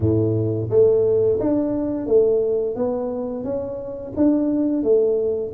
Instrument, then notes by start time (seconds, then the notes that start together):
tuba
0.00 A2
0.70 A3
1.40 D4
2.06 A3
2.75 B3
3.44 C#4
4.16 D4
4.83 A3